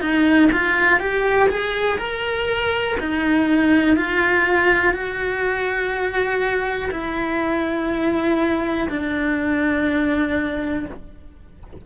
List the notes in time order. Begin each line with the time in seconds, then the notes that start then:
0.00 D#4
0.52 F4
0.99 G4
1.49 G#4
1.98 A#4
3.00 D#4
3.96 F4
4.93 F#4
6.91 E4
8.89 D4